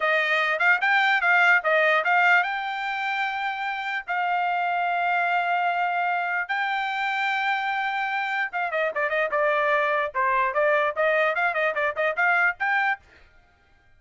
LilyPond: \new Staff \with { instrumentName = "trumpet" } { \time 4/4 \tempo 4 = 148 dis''4. f''8 g''4 f''4 | dis''4 f''4 g''2~ | g''2 f''2~ | f''1 |
g''1~ | g''4 f''8 dis''8 d''8 dis''8 d''4~ | d''4 c''4 d''4 dis''4 | f''8 dis''8 d''8 dis''8 f''4 g''4 | }